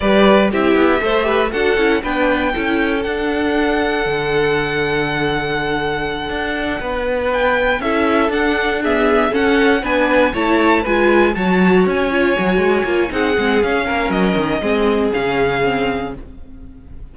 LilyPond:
<<
  \new Staff \with { instrumentName = "violin" } { \time 4/4 \tempo 4 = 119 d''4 e''2 fis''4 | g''2 fis''2~ | fis''1~ | fis''2~ fis''8 g''4 e''8~ |
e''8 fis''4 e''4 fis''4 gis''8~ | gis''8 a''4 gis''4 a''4 gis''8~ | gis''2 fis''4 f''4 | dis''2 f''2 | }
  \new Staff \with { instrumentName = "violin" } { \time 4/4 b'4 g'4 c''8 b'8 a'4 | b'4 a'2.~ | a'1~ | a'4. b'2 a'8~ |
a'4. gis'4 a'4 b'8~ | b'8 cis''4 b'4 cis''4.~ | cis''2 gis'4. ais'8~ | ais'4 gis'2. | }
  \new Staff \with { instrumentName = "viola" } { \time 4/4 g'4 e'4 a'8 g'8 fis'8 e'8 | d'4 e'4 d'2~ | d'1~ | d'2.~ d'8 e'8~ |
e'8 d'4 b4 cis'4 d'8~ | d'8 e'4 f'4 fis'4. | f'8 fis'4 f'8 dis'8 c'8 cis'4~ | cis'4 c'4 cis'4 c'4 | }
  \new Staff \with { instrumentName = "cello" } { \time 4/4 g4 c'8 b8 a4 d'8 cis'8 | b4 cis'4 d'2 | d1~ | d8 d'4 b2 cis'8~ |
cis'8 d'2 cis'4 b8~ | b8 a4 gis4 fis4 cis'8~ | cis'8 fis8 gis8 ais8 c'8 gis8 cis'8 ais8 | fis8 dis8 gis4 cis2 | }
>>